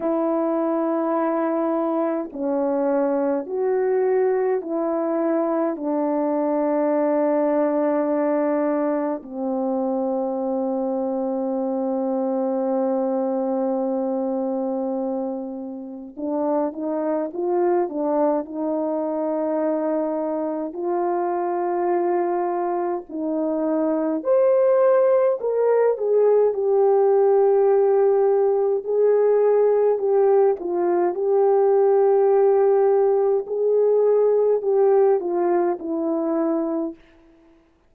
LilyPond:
\new Staff \with { instrumentName = "horn" } { \time 4/4 \tempo 4 = 52 e'2 cis'4 fis'4 | e'4 d'2. | c'1~ | c'2 d'8 dis'8 f'8 d'8 |
dis'2 f'2 | dis'4 c''4 ais'8 gis'8 g'4~ | g'4 gis'4 g'8 f'8 g'4~ | g'4 gis'4 g'8 f'8 e'4 | }